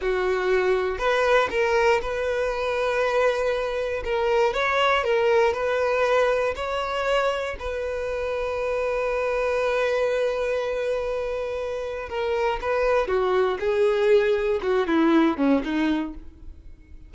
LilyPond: \new Staff \with { instrumentName = "violin" } { \time 4/4 \tempo 4 = 119 fis'2 b'4 ais'4 | b'1 | ais'4 cis''4 ais'4 b'4~ | b'4 cis''2 b'4~ |
b'1~ | b'1 | ais'4 b'4 fis'4 gis'4~ | gis'4 fis'8 e'4 cis'8 dis'4 | }